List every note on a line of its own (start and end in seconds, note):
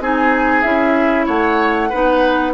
0.00 0.63 C4
0.00 0.63 D#4
0.00 1.26 G#4
0.00 0.62 G#5
0.62 1.27 C#4
0.62 1.89 E4
0.62 1.25 E5
1.26 1.91 A3
1.26 1.89 C#5
1.26 2.53 F#5
1.89 2.54 B3
1.89 2.54 D#4
1.89 2.52 B4